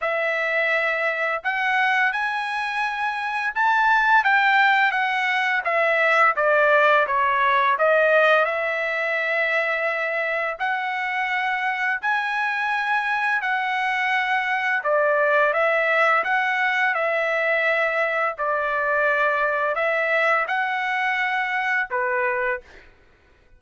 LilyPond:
\new Staff \with { instrumentName = "trumpet" } { \time 4/4 \tempo 4 = 85 e''2 fis''4 gis''4~ | gis''4 a''4 g''4 fis''4 | e''4 d''4 cis''4 dis''4 | e''2. fis''4~ |
fis''4 gis''2 fis''4~ | fis''4 d''4 e''4 fis''4 | e''2 d''2 | e''4 fis''2 b'4 | }